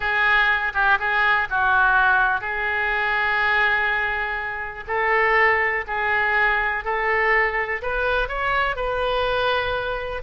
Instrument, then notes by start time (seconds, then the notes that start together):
oboe
0.00 G#4
0.74 G4
0.99 G#4
1.50 F#4
2.40 G#4
4.87 A4
5.87 G#4
6.84 A4
7.82 B4
8.28 C#5
8.76 B4